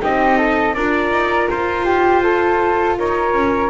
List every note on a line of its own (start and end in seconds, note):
0.00 0.76 C4
0.00 0.74 D#4
0.00 0.38 G4
0.00 0.75 D#5
0.38 0.75 A4
0.75 1.12 D4
0.75 3.70 F4
0.75 1.85 A#4
0.75 1.49 D5
1.12 1.49 D#4
1.51 2.99 F4
1.51 2.99 C5
1.85 2.22 G4
2.23 2.98 A4
2.99 3.34 D#4
2.99 3.70 A#4
2.99 3.70 C#5
3.34 3.70 C#4